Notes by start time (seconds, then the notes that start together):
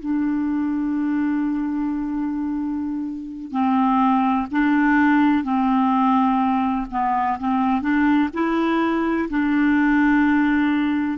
0.00 D4
3.52 C4
4.51 D4
5.43 C4
6.90 B3
7.39 C4
7.82 D4
8.34 E4
9.29 D4